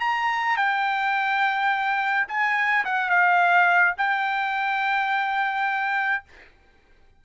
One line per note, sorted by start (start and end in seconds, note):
0.00 0.57 A#5
0.57 2.27 G5
2.28 2.85 G#5
2.85 3.10 F#5
3.10 3.94 F5
3.98 6.24 G5